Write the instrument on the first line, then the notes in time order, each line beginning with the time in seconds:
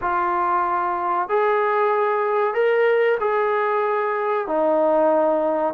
trombone
0.01 F4
1.29 G#4
2.54 A#4
3.19 G#4
4.47 D#4